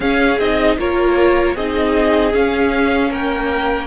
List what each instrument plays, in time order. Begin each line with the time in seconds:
0.00 cello C#4, viola C#4, violin G#4 F5
0.38 cello C4, viola D#4, violin D#5
0.78 cello A#3, viola F4, violin A#4 C#5
1.55 cello C4, viola D#4, violin G#4 D#5
2.32 viola C#4, cello C#4, violin F5
3.10 cello A#3, violin A#4 G5